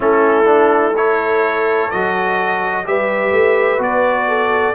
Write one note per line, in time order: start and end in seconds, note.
0.00 1.91 A3
0.00 0.44 C#4
0.00 0.94 E4
0.00 0.96 A4
0.44 0.92 D4
0.94 1.91 E4
0.94 2.85 A4
0.94 1.90 C#5
1.90 2.86 F#3
1.90 2.85 F#4
1.90 2.85 D#5
2.85 3.31 G3
2.85 3.78 G4
2.85 4.28 B4
2.85 3.82 E5
3.31 3.79 A3
3.78 4.74 B3
3.78 4.73 F#4
3.78 4.75 D5
4.28 4.75 A4